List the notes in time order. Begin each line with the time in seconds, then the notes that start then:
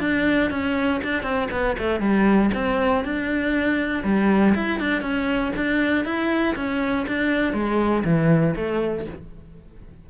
0.00 D4
0.50 C#4
1.04 D4
1.23 C4
1.51 B3
1.78 A3
2.00 G3
2.54 C4
3.04 D4
4.03 G3
4.55 E4
4.79 D4
5.02 C#4
5.56 D4
6.05 E4
6.56 C#4
7.07 D4
7.53 G#3
8.04 E3
8.56 A3